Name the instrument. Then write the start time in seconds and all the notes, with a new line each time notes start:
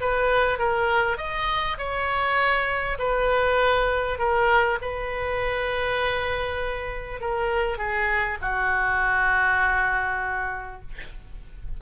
oboe
0.00 B4
0.58 A#4
1.17 D#5
1.78 C#5
2.98 B4
4.18 A#4
4.81 B4
7.20 A#4
7.78 G#4
8.41 F#4